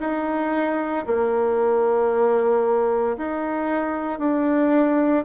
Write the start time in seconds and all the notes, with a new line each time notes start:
0.00 D#4
1.06 A#3
3.17 D#4
4.19 D4